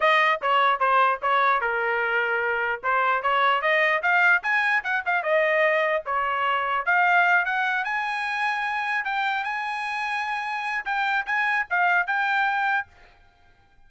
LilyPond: \new Staff \with { instrumentName = "trumpet" } { \time 4/4 \tempo 4 = 149 dis''4 cis''4 c''4 cis''4 | ais'2. c''4 | cis''4 dis''4 f''4 gis''4 | fis''8 f''8 dis''2 cis''4~ |
cis''4 f''4. fis''4 gis''8~ | gis''2~ gis''8 g''4 gis''8~ | gis''2. g''4 | gis''4 f''4 g''2 | }